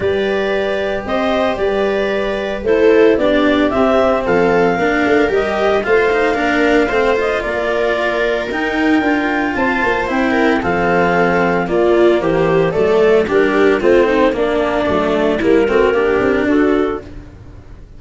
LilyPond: <<
  \new Staff \with { instrumentName = "clarinet" } { \time 4/4 \tempo 4 = 113 d''2 dis''4 d''4~ | d''4 c''4 d''4 e''4 | f''2 dis''4 f''4~ | f''4. dis''8 d''2 |
g''2 a''4 g''4 | f''2 d''4 c''4 | d''4 ais'4 c''4 d''4~ | d''4 ais'2 a'4 | }
  \new Staff \with { instrumentName = "viola" } { \time 4/4 b'2 c''4 b'4~ | b'4 a'4 g'2 | a'4 ais'2 c''4 | ais'4 c''4 ais'2~ |
ais'2 c''4. ais'8 | a'2 f'4 g'4 | a'4 g'4 f'8 dis'8 d'4~ | d'4 e'8 fis'8 g'4 fis'4 | }
  \new Staff \with { instrumentName = "cello" } { \time 4/4 g'1~ | g'4 e'4 d'4 c'4~ | c'4 d'4 g'4 f'8 dis'8 | d'4 c'8 f'2~ f'8 |
dis'4 f'2 e'4 | c'2 ais2 | a4 d'4 c'4 ais4 | a4 ais8 c'8 d'2 | }
  \new Staff \with { instrumentName = "tuba" } { \time 4/4 g2 c'4 g4~ | g4 a4 b4 c'4 | f4 ais8 a8 g4 a4 | ais4 a4 ais2 |
dis'4 d'4 c'8 ais8 c'4 | f2 ais4 e4 | fis4 g4 a4 ais4 | fis4 g8 a8 ais8 c'8 d'4 | }
>>